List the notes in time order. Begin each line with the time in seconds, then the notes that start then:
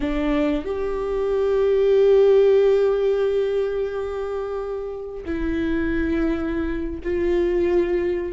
0.00 D4
0.64 G4
5.25 E4
7.03 F4